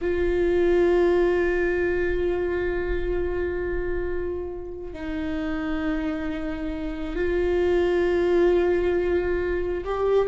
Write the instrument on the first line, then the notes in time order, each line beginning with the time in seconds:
viola
0.01 F4
4.93 D#4
7.15 F4
9.84 G4